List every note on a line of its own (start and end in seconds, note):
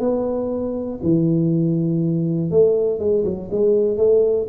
0.00 1.00 B3
1.03 2.51 E3
2.51 3.00 A3
3.00 3.25 G#3
3.25 3.50 F#3
3.52 3.98 G#3
3.98 4.48 A3